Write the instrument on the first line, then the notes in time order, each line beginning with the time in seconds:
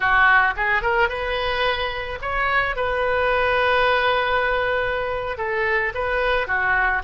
oboe
0.00 F#4
0.56 G#4
0.81 A#4
1.09 B4
2.21 C#5
2.76 B4
5.37 A4
5.94 B4
6.47 F#4